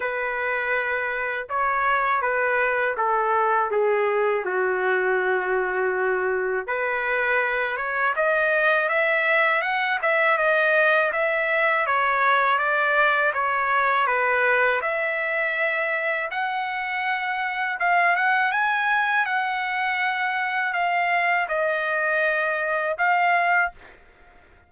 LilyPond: \new Staff \with { instrumentName = "trumpet" } { \time 4/4 \tempo 4 = 81 b'2 cis''4 b'4 | a'4 gis'4 fis'2~ | fis'4 b'4. cis''8 dis''4 | e''4 fis''8 e''8 dis''4 e''4 |
cis''4 d''4 cis''4 b'4 | e''2 fis''2 | f''8 fis''8 gis''4 fis''2 | f''4 dis''2 f''4 | }